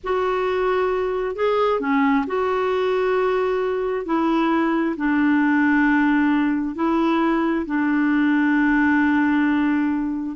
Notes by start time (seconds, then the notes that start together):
0.03 F#4
1.35 G#4
1.80 C#4
2.26 F#4
4.05 E4
4.96 D4
6.75 E4
7.66 D4